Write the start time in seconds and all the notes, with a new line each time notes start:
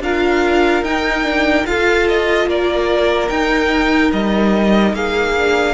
0.00 D4 F4 A#4 F5
0.82 D#4 G5
1.24 D4
1.65 F4 A4 F5
2.08 D#5
2.46 A#3 A#4 D5
3.29 D#4 G5
4.12 G3 D#5
4.93 A#3 G#4 F5
5.37 D4